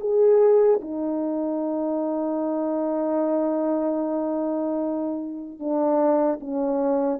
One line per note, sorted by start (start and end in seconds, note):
0.00 0.80 G#4
0.81 5.59 D#4
5.59 6.39 D4
6.40 7.20 C#4